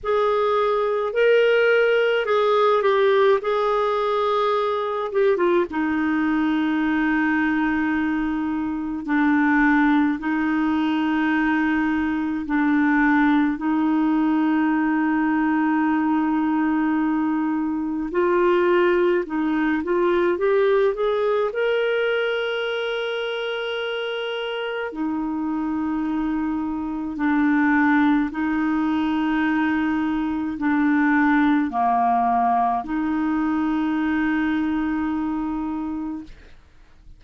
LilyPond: \new Staff \with { instrumentName = "clarinet" } { \time 4/4 \tempo 4 = 53 gis'4 ais'4 gis'8 g'8 gis'4~ | gis'8 g'16 f'16 dis'2. | d'4 dis'2 d'4 | dis'1 |
f'4 dis'8 f'8 g'8 gis'8 ais'4~ | ais'2 dis'2 | d'4 dis'2 d'4 | ais4 dis'2. | }